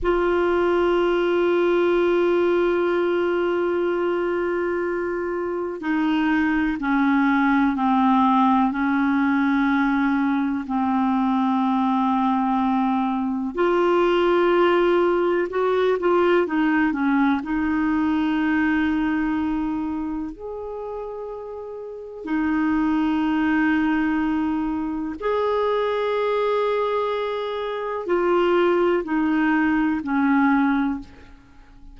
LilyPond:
\new Staff \with { instrumentName = "clarinet" } { \time 4/4 \tempo 4 = 62 f'1~ | f'2 dis'4 cis'4 | c'4 cis'2 c'4~ | c'2 f'2 |
fis'8 f'8 dis'8 cis'8 dis'2~ | dis'4 gis'2 dis'4~ | dis'2 gis'2~ | gis'4 f'4 dis'4 cis'4 | }